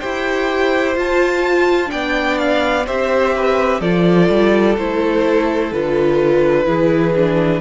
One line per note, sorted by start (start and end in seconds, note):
0.00 0.96 E4
0.00 0.96 G4
0.00 1.91 C5
0.00 0.95 G5
0.96 1.87 F4
0.96 1.92 F4
0.96 1.91 A5
1.87 2.82 D4
1.87 2.86 D5
1.87 2.38 G5
1.93 2.88 B3
2.38 2.86 F5
2.86 3.81 C4
2.86 3.82 G4
2.86 3.34 C5
2.86 3.81 E5
3.37 3.81 B4
3.81 4.29 F3
3.81 4.77 F4
3.81 6.67 A4
3.81 4.77 D5
4.30 4.77 G3
4.78 5.72 A3
4.78 5.74 E4
4.78 5.73 C5
5.72 6.67 D3
5.72 6.65 F4
5.72 7.62 B4
6.65 7.62 E3
6.65 7.13 E4
6.65 7.62 G#4
7.16 7.62 D4